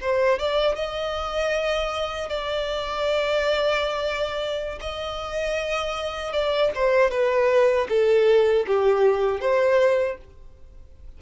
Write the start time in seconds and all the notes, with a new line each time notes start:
0.00 C5
0.38 D5
0.75 D#5
2.29 D5
4.80 D#5
6.32 D5
6.75 C5
7.10 B4
7.88 A4
8.66 G4
9.40 C5